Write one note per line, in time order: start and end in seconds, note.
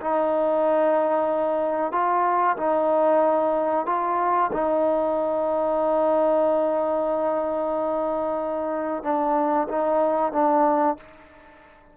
0.00 1.92 D#4
1.92 2.56 F4
2.57 3.86 D#4
3.86 4.50 F4
4.52 9.03 D#4
9.03 9.68 D4
9.68 10.32 D#4
10.32 10.97 D4